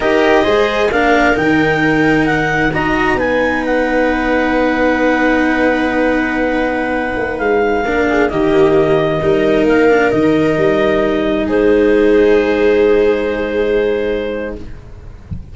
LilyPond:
<<
  \new Staff \with { instrumentName = "clarinet" } { \time 4/4 \tempo 4 = 132 dis''2 f''4 g''4~ | g''4 fis''4 ais''4 gis''4 | fis''1~ | fis''1~ |
fis''16 f''2 dis''4.~ dis''16~ | dis''4~ dis''16 f''4 dis''4.~ dis''16~ | dis''4~ dis''16 c''2~ c''8.~ | c''1 | }
  \new Staff \with { instrumentName = "viola" } { \time 4/4 ais'4 c''4 ais'2~ | ais'2 dis''4 b'4~ | b'1~ | b'1~ |
b'4~ b'16 ais'8 gis'8 g'4.~ g'16~ | g'16 ais'2.~ ais'8.~ | ais'4~ ais'16 gis'2~ gis'8.~ | gis'1 | }
  \new Staff \with { instrumentName = "cello" } { \time 4/4 g'4 gis'4 d'4 dis'4~ | dis'2 fis'4 dis'4~ | dis'1~ | dis'1~ |
dis'4~ dis'16 d'4 ais4.~ ais16~ | ais16 dis'4. d'8 dis'4.~ dis'16~ | dis'1~ | dis'1 | }
  \new Staff \with { instrumentName = "tuba" } { \time 4/4 dis'4 gis4 ais4 dis4~ | dis2 dis'4 b4~ | b1~ | b2.~ b8. ais16~ |
ais16 gis4 ais4 dis4.~ dis16~ | dis16 g4 ais4 dis4 g8.~ | g4~ g16 gis2~ gis8.~ | gis1 | }
>>